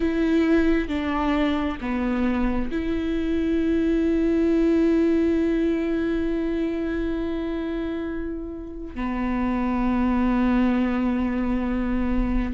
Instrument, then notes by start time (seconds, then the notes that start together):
viola
0.00 E4
0.88 D4
1.81 B3
2.71 E4
8.95 B3